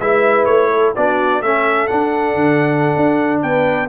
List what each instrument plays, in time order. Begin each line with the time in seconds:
0.00 tuba G#3, trombone E4, horn B4, trumpet E5
0.45 tuba A3, trumpet C#5
0.71 horn A4
0.96 tuba B3, trombone D4, horn F#4, trumpet D5
1.41 tuba A3, trombone C#4, horn A4, trumpet E5
1.87 trombone D4, tuba D4, trumpet F#5
2.35 tuba D3
2.96 tuba D4
3.42 tuba B3, horn B4, trumpet G5